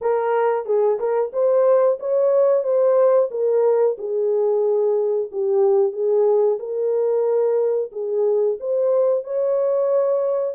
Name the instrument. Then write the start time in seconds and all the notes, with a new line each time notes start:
horn
0.01 A#4
0.65 G#4
0.99 A#4
1.32 C5
1.99 C#5
2.63 C5
3.31 A#4
3.97 G#4
5.31 G4
5.92 G#4
6.59 A#4
7.92 G#4
8.60 C5
9.24 C#5